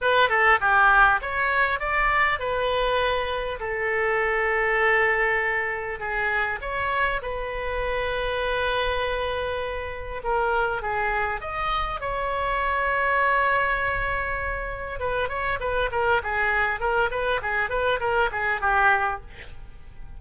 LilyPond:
\new Staff \with { instrumentName = "oboe" } { \time 4/4 \tempo 4 = 100 b'8 a'8 g'4 cis''4 d''4 | b'2 a'2~ | a'2 gis'4 cis''4 | b'1~ |
b'4 ais'4 gis'4 dis''4 | cis''1~ | cis''4 b'8 cis''8 b'8 ais'8 gis'4 | ais'8 b'8 gis'8 b'8 ais'8 gis'8 g'4 | }